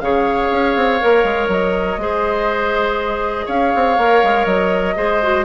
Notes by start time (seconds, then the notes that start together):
0.00 C#3 G#4 C#5 F5
0.51 C#4
0.76 C4
1.00 A#3 A#4
1.24 G#3
1.48 F#3 D#5
1.97 G#3 G#4 C5
3.46 C#4 C#5 F5
3.76 C4
3.98 A#3 A#4
4.24 G#3
4.45 F#3 D#5
4.96 G#3 G#4 C5
5.23 F#4